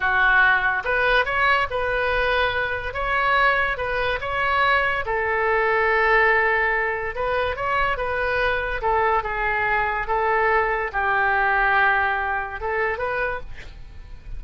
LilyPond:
\new Staff \with { instrumentName = "oboe" } { \time 4/4 \tempo 4 = 143 fis'2 b'4 cis''4 | b'2. cis''4~ | cis''4 b'4 cis''2 | a'1~ |
a'4 b'4 cis''4 b'4~ | b'4 a'4 gis'2 | a'2 g'2~ | g'2 a'4 b'4 | }